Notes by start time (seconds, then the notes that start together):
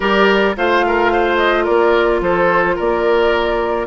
0.00 G3 G4 A#4 D5
0.56 A3 F4 C5 F5
0.86 A#4
1.12 C5
1.37 D#5
1.64 A#3 A#4 D5
2.20 F3 A4 C5
2.75 A#3 A#4 D5